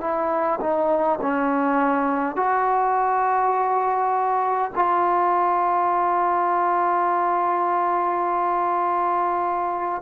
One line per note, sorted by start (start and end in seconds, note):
0.00 0.59 E4
0.60 1.19 D#4
1.21 2.35 C#4
2.35 4.71 F#4
4.75 10.01 F4